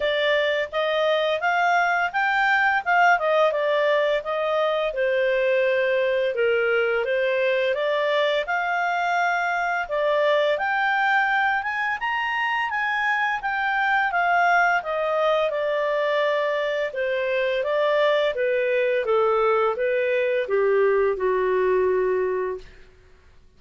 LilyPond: \new Staff \with { instrumentName = "clarinet" } { \time 4/4 \tempo 4 = 85 d''4 dis''4 f''4 g''4 | f''8 dis''8 d''4 dis''4 c''4~ | c''4 ais'4 c''4 d''4 | f''2 d''4 g''4~ |
g''8 gis''8 ais''4 gis''4 g''4 | f''4 dis''4 d''2 | c''4 d''4 b'4 a'4 | b'4 g'4 fis'2 | }